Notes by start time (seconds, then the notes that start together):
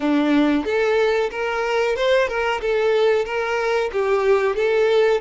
0.00 D4
0.64 A4
1.30 A#4
1.96 C5
2.28 A#4
2.61 A4
3.25 A#4
3.92 G4
4.55 A4